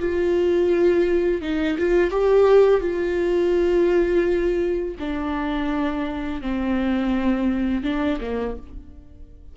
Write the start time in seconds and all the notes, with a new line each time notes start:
0.00 F4
1.42 D#4
1.79 F4
2.11 G4
2.81 F4
5.00 D4
6.42 C4
7.84 D4
8.21 A#3